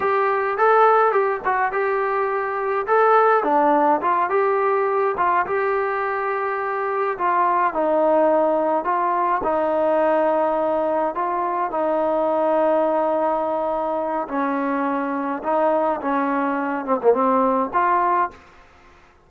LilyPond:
\new Staff \with { instrumentName = "trombone" } { \time 4/4 \tempo 4 = 105 g'4 a'4 g'8 fis'8 g'4~ | g'4 a'4 d'4 f'8 g'8~ | g'4 f'8 g'2~ g'8~ | g'8 f'4 dis'2 f'8~ |
f'8 dis'2. f'8~ | f'8 dis'2.~ dis'8~ | dis'4 cis'2 dis'4 | cis'4. c'16 ais16 c'4 f'4 | }